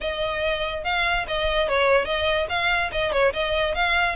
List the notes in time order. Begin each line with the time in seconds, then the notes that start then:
0.00 D#5
0.84 F5
1.27 D#5
1.68 C#5
2.05 D#5
2.49 F5
2.91 D#5
3.12 C#5
3.33 D#5
3.74 F5